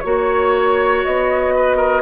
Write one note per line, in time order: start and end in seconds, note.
0.00 1.04 A#3
0.00 2.02 F#4
0.00 1.00 C#5
0.00 1.54 C#5
1.04 2.02 B3
1.04 2.02 D#5
1.55 1.76 B4
1.76 2.01 A#4